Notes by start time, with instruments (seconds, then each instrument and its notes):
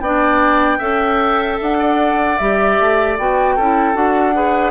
0.00 bassoon B3, clarinet D4, oboe D5, flute G5
0.78 bassoon C#4, clarinet A4, oboe E5
1.61 bassoon D4, flute F#5
1.79 oboe D5
2.38 bassoon G3, clarinet G4, flute E5
2.80 bassoon A3
3.18 bassoon B3, clarinet F#4, flute G5
3.55 bassoon C#4, clarinet E4, oboe A4
3.94 bassoon D4, clarinet F#4, flute F#5
4.34 clarinet G#4, oboe B4